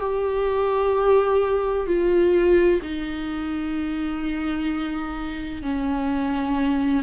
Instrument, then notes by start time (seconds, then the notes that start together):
viola
0.00 G4
1.87 F4
2.82 D#4
5.62 C#4